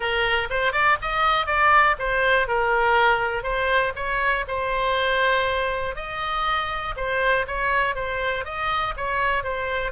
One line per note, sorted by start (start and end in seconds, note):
0.00 0.48 A#4
0.50 0.72 C5
0.72 0.97 D5
1.01 1.46 D#5
1.46 1.95 D5
1.98 2.47 C5
2.47 3.43 A#4
3.43 3.92 C5
3.95 4.45 C#5
4.47 5.95 C5
5.95 6.94 D#5
6.96 7.46 C5
7.47 7.95 C#5
7.95 8.44 C5
8.44 8.94 D#5
8.96 9.43 C#5
9.43 9.91 C5